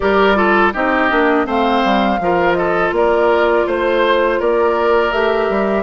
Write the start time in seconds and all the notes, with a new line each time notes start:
0.00 G3 G4 A#4 D5
0.35 F4 A4
0.73 C4 D#4 G4 D#5
1.09 A#3 D4
1.45 A3 C4 C5 F5
1.84 G3
2.19 F3 F4 A#4
2.53 A4 D#5
2.91 A#3 A#4 D5
3.66 A3 C5
4.39 A#3 A#4 D5
5.11 A3 G4 E5
5.49 G3